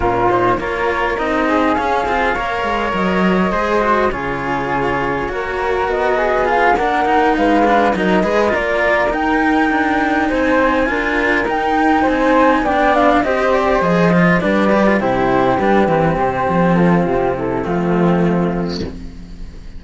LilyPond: <<
  \new Staff \with { instrumentName = "flute" } { \time 4/4 \tempo 4 = 102 ais'8 c''8 cis''4 dis''4 f''4~ | f''4 dis''2 cis''4~ | cis''2 dis''4 f''8 fis''8~ | fis''8 f''4 dis''4 d''4 g''8~ |
g''4. gis''2 g''8~ | g''8 gis''4 g''8 f''8 dis''8 d''8 dis''8~ | dis''8 d''4 c''4 b'4 c''8~ | c''8 a'8 g'8 a'8 f'2 | }
  \new Staff \with { instrumentName = "flute" } { \time 4/4 f'4 ais'4. gis'4. | cis''2 c''4 gis'4~ | gis'4 ais'4. gis'4 ais'8~ | ais'8 b'4 ais'8 b'8 ais'4.~ |
ais'4. c''4 ais'4.~ | ais'8 c''4 d''4 c''4.~ | c''8 b'4 g'2~ g'8~ | g'8 f'4 e'8 c'2 | }
  \new Staff \with { instrumentName = "cello" } { \time 4/4 cis'8 dis'8 f'4 dis'4 cis'8 f'8 | ais'2 gis'8 fis'8 f'4~ | f'4 fis'2 f'8 d'8 | dis'4 d'8 dis'8 gis'8 f'4 dis'8~ |
dis'2~ dis'8 f'4 dis'8~ | dis'4. d'4 g'4 gis'8 | f'8 d'8 g'16 f'16 e'4 d'8 c'4~ | c'2 a2 | }
  \new Staff \with { instrumentName = "cello" } { \time 4/4 ais,4 ais4 c'4 cis'8 c'8 | ais8 gis8 fis4 gis4 cis4~ | cis4 ais4 b4. ais8~ | ais8 gis4 fis8 gis8 ais4 dis'8~ |
dis'8 d'4 c'4 d'4 dis'8~ | dis'8 c'4 b4 c'4 f8~ | f8 g4 c4 g8 e8 c8 | f4 c4 f2 | }
>>